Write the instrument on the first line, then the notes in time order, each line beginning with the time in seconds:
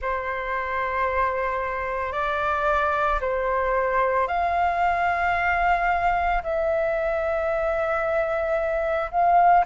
flute
0.01 C5
2.12 D5
3.20 C5
4.27 F5
6.43 E5
9.11 F5